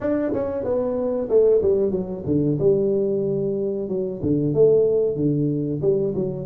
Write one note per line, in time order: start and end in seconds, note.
0.00 0.33 D4
0.33 0.63 C#4
0.63 1.28 B3
1.29 1.61 A3
1.62 1.91 G3
1.91 2.23 F#3
2.25 2.57 D3
2.59 3.88 G3
3.88 4.20 F#3
4.22 4.53 D3
4.53 5.16 A3
5.16 5.80 D3
5.81 6.13 G3
6.14 6.45 F#3